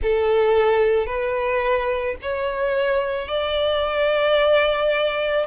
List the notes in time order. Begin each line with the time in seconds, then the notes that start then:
0.02 A4
1.06 B4
2.22 C#5
3.28 D5